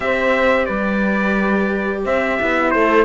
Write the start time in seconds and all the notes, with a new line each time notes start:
0.00 C4 G4 C5 E5
0.65 G3 B4 D5
2.04 C4 C5 E5
2.39 B3 E4
2.70 A3 A4 C5